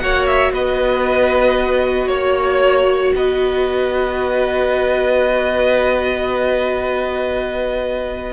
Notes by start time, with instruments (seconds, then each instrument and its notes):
0.00 cello A#3, viola F#4, violin C#5 F#5
0.27 violin E5
0.52 cello B3, violin B4 D#5
2.08 cello A#3, violin C#5
3.15 cello B3, violin B4 D#5